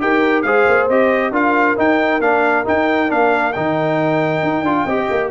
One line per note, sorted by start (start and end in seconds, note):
0.00 0.44 D#4
0.00 0.44 G4
0.00 0.46 A#4
0.00 0.42 G5
0.42 0.66 G#3
0.42 0.90 G#4
0.42 1.32 C5
0.42 0.86 F5
0.68 0.89 A#3
0.89 1.31 C4
0.89 1.33 G4
0.89 1.34 D#5
1.31 1.75 D4
1.31 1.77 F4
1.31 4.85 A#4
1.31 1.78 F5
1.77 2.21 D#4
1.77 2.20 D#4
1.77 2.21 G5
2.20 2.65 A#3
2.20 2.65 D4
2.20 2.65 F5
2.65 3.08 D#4
2.65 3.11 D#4
2.65 3.11 G5
3.08 3.55 A#3
3.08 3.52 D4
3.08 3.52 F5
3.52 4.43 D#3
3.52 4.65 D#4
3.52 5.29 G5
4.43 4.62 D#4
4.62 4.84 D4
4.62 4.87 F4
4.85 5.08 C4
4.85 5.31 G4
4.85 5.29 D#5
5.10 5.31 A#3